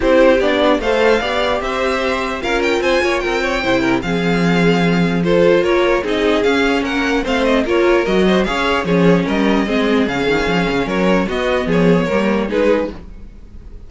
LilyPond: <<
  \new Staff \with { instrumentName = "violin" } { \time 4/4 \tempo 4 = 149 c''4 d''4 f''2 | e''2 f''8 g''8 gis''4 | g''2 f''2~ | f''4 c''4 cis''4 dis''4 |
f''4 fis''4 f''8 dis''8 cis''4 | dis''4 f''4 cis''4 dis''4~ | dis''4 f''2 cis''4 | dis''4 cis''2 b'4 | }
  \new Staff \with { instrumentName = "violin" } { \time 4/4 g'2 c''4 d''4 | c''2 ais'4 c''8 cis''8 | ais'8 cis''8 c''8 ais'8 gis'2~ | gis'4 a'4 ais'4 gis'4~ |
gis'4 ais'4 c''4 ais'4~ | ais'8 c''8 cis''4 gis'4 ais'4 | gis'2. ais'4 | fis'4 gis'4 ais'4 gis'4 | }
  \new Staff \with { instrumentName = "viola" } { \time 4/4 e'4 d'4 a'4 g'4~ | g'2 f'2~ | f'4 e'4 c'2~ | c'4 f'2 dis'4 |
cis'2 c'4 f'4 | fis'4 gis'4 cis'2 | c'4 cis'2. | b2 ais4 dis'4 | }
  \new Staff \with { instrumentName = "cello" } { \time 4/4 c'4 b4 a4 b4 | c'2 cis'4 c'8 ais8 | c'4 c4 f2~ | f2 ais4 c'4 |
cis'4 ais4 a4 ais4 | fis4 cis'4 f4 g4 | gis4 cis8 dis8 f8 cis8 fis4 | b4 f4 g4 gis4 | }
>>